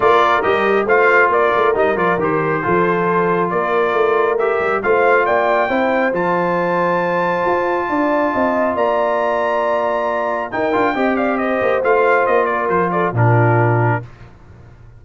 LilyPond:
<<
  \new Staff \with { instrumentName = "trumpet" } { \time 4/4 \tempo 4 = 137 d''4 dis''4 f''4 d''4 | dis''8 d''8 c''2. | d''2 e''4 f''4 | g''2 a''2~ |
a''1 | ais''1 | g''4. f''8 dis''4 f''4 | dis''8 d''8 c''8 d''8 ais'2 | }
  \new Staff \with { instrumentName = "horn" } { \time 4/4 ais'2 c''4 ais'4~ | ais'2 a'2 | ais'2. c''4 | d''4 c''2.~ |
c''2 d''4 dis''4 | d''1 | ais'4 dis''8 d''8 c''2~ | c''8 ais'4 a'8 f'2 | }
  \new Staff \with { instrumentName = "trombone" } { \time 4/4 f'4 g'4 f'2 | dis'8 f'8 g'4 f'2~ | f'2 g'4 f'4~ | f'4 e'4 f'2~ |
f'1~ | f'1 | dis'8 f'8 g'2 f'4~ | f'2 d'2 | }
  \new Staff \with { instrumentName = "tuba" } { \time 4/4 ais4 g4 a4 ais8 a8 | g8 f8 dis4 f2 | ais4 a4. g8 a4 | ais4 c'4 f2~ |
f4 f'4 d'4 c'4 | ais1 | dis'8 d'8 c'4. ais8 a4 | ais4 f4 ais,2 | }
>>